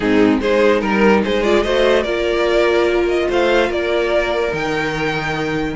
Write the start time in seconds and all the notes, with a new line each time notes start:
0.00 G#2 C4 D#4 G#4
0.40 G#3 D#4 G#4 C5
0.80 G3 A#4
1.24 G#3 G#4 C5
1.43 F4 D5
1.62 A3 F#4 C5 D#5
2.02 A#3 F4 A#4 D5
3.08 D#5
3.29 A3 C5 F5
3.69 A#3 A#4 D5
4.50 D#3 D#4 G5